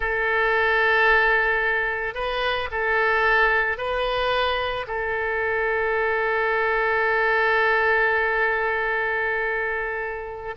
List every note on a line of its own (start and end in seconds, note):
0.00 2.14 A4
2.14 2.68 B4
2.71 3.77 A4
3.77 4.86 B4
4.87 10.54 A4